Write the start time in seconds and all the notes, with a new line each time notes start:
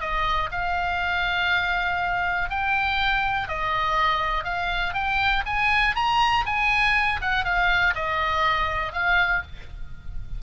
0.00 D#5
0.51 F5
2.50 G5
3.48 D#5
4.44 F5
4.93 G5
5.46 G#5
5.95 A#5
6.46 G#5
7.21 F#5
7.44 F5
7.95 D#5
8.92 F5